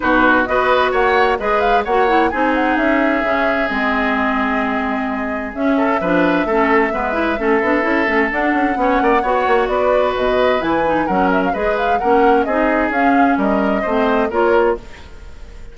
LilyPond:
<<
  \new Staff \with { instrumentName = "flute" } { \time 4/4 \tempo 4 = 130 b'4 dis''4 fis''4 dis''8 f''8 | fis''4 gis''8 fis''8 e''2 | dis''1 | e''1~ |
e''2 fis''2~ | fis''4 d''4 dis''4 gis''4 | fis''8 e''16 f''16 dis''8 f''8 fis''4 dis''4 | f''4 dis''2 cis''4 | }
  \new Staff \with { instrumentName = "oboe" } { \time 4/4 fis'4 b'4 cis''4 b'4 | cis''4 gis'2.~ | gis'1~ | gis'8 a'8 b'4 a'4 b'4 |
a'2. cis''8 d''8 | cis''4 b'2. | ais'4 b'4 ais'4 gis'4~ | gis'4 ais'4 c''4 ais'4 | }
  \new Staff \with { instrumentName = "clarinet" } { \time 4/4 dis'4 fis'2 gis'4 | fis'8 e'8 dis'2 cis'4 | c'1 | cis'4 d'4 cis'4 b8 e'8 |
cis'8 d'8 e'8 cis'8 d'4 cis'4 | fis'2. e'8 dis'8 | cis'4 gis'4 cis'4 dis'4 | cis'2 c'4 f'4 | }
  \new Staff \with { instrumentName = "bassoon" } { \time 4/4 b,4 b4 ais4 gis4 | ais4 c'4 cis'4 cis4 | gis1 | cis'4 f4 a4 gis4 |
a8 b8 cis'8 a8 d'8 cis'8 b8 ais8 | b8 ais8 b4 b,4 e4 | fis4 gis4 ais4 c'4 | cis'4 g4 a4 ais4 | }
>>